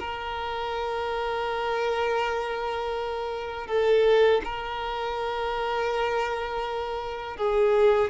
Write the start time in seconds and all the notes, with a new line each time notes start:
0.00 A#4
3.67 A4
4.44 A#4
7.37 G#4